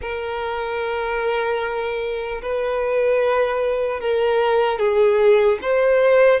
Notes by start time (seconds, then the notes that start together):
0.01 A#4
2.41 B4
4.00 A#4
4.78 G#4
5.61 C5